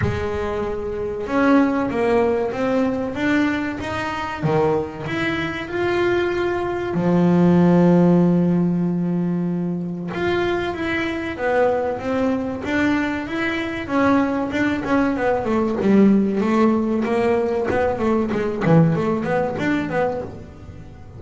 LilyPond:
\new Staff \with { instrumentName = "double bass" } { \time 4/4 \tempo 4 = 95 gis2 cis'4 ais4 | c'4 d'4 dis'4 dis4 | e'4 f'2 f4~ | f1 |
f'4 e'4 b4 c'4 | d'4 e'4 cis'4 d'8 cis'8 | b8 a8 g4 a4 ais4 | b8 a8 gis8 e8 a8 b8 d'8 b8 | }